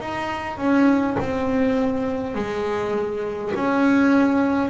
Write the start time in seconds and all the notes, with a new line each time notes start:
0.00 D#4
0.58 C#4
1.20 C4
2.35 G#3
3.55 C#4